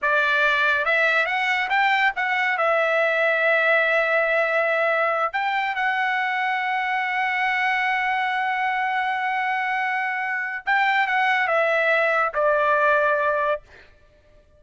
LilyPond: \new Staff \with { instrumentName = "trumpet" } { \time 4/4 \tempo 4 = 141 d''2 e''4 fis''4 | g''4 fis''4 e''2~ | e''1~ | e''8 g''4 fis''2~ fis''8~ |
fis''1~ | fis''1~ | fis''4 g''4 fis''4 e''4~ | e''4 d''2. | }